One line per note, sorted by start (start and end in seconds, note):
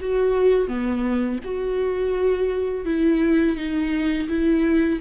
0.00 0.68 F#4
0.68 1.39 B3
1.44 2.85 F#4
2.85 3.56 E4
3.56 4.28 D#4
4.28 5.00 E4